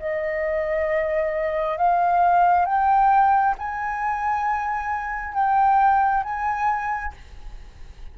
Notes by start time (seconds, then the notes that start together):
0.00 D#5
1.78 F5
2.66 G5
3.59 G#5
5.34 G5
6.24 G#5